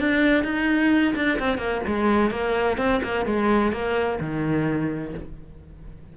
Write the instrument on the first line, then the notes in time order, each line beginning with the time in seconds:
cello
0.00 D4
0.44 D#4
1.15 D4
1.39 C4
1.58 A#3
1.87 G#3
2.31 A#3
2.78 C4
3.03 A#3
3.26 G#3
3.72 A#3
4.20 D#3